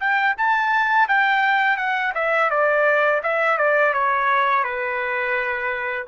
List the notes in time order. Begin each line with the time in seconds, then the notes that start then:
0.00 G5
0.37 A5
1.08 G5
1.77 F#5
2.15 E5
2.50 D5
3.23 E5
3.57 D5
3.93 C#5
4.64 B4